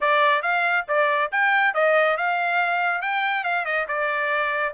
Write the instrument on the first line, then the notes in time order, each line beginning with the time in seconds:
trumpet
0.00 D5
0.42 F5
0.88 D5
1.31 G5
1.73 D#5
2.17 F5
3.01 G5
3.44 F5
3.65 D#5
3.88 D5